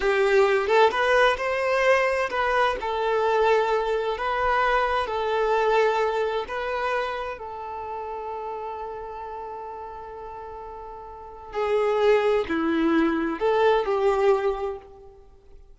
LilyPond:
\new Staff \with { instrumentName = "violin" } { \time 4/4 \tempo 4 = 130 g'4. a'8 b'4 c''4~ | c''4 b'4 a'2~ | a'4 b'2 a'4~ | a'2 b'2 |
a'1~ | a'1~ | a'4 gis'2 e'4~ | e'4 a'4 g'2 | }